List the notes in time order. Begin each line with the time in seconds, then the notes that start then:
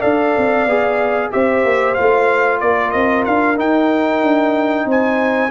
0.00 D4 A4 D5 F5
0.38 C4
0.66 B3 G#4
1.32 C4 G4 C5 E5
1.65 A#3
1.95 A3 F4 F5
2.60 A#3 A#4 D5
2.91 C4 D#5
3.25 D4 F5
3.56 D#4 G5
4.23 D4
4.86 C4 C5 G#5